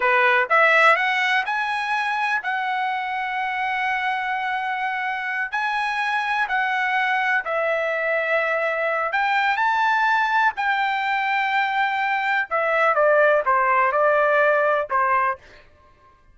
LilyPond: \new Staff \with { instrumentName = "trumpet" } { \time 4/4 \tempo 4 = 125 b'4 e''4 fis''4 gis''4~ | gis''4 fis''2.~ | fis''2.~ fis''8 gis''8~ | gis''4. fis''2 e''8~ |
e''2. g''4 | a''2 g''2~ | g''2 e''4 d''4 | c''4 d''2 c''4 | }